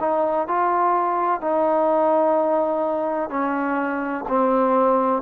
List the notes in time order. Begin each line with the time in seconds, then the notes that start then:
0.00 D#4
0.48 F4
1.41 D#4
3.29 C#4
4.29 C4